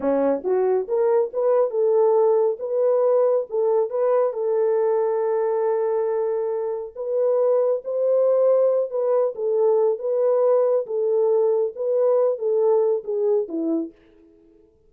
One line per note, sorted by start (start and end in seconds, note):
0.00 0.42 C#4
0.43 0.87 F#4
0.87 1.31 A#4
1.33 1.70 B4
1.70 2.57 A4
2.59 3.46 B4
3.49 3.90 A4
3.90 4.33 B4
4.33 6.93 A4
6.95 7.82 B4
7.84 8.90 C5
8.90 9.33 B4
9.35 9.98 A4
9.98 10.85 B4
10.86 11.73 A4
11.75 12.38 B4
12.38 13.03 A4
13.04 13.47 G#4
13.48 13.91 E4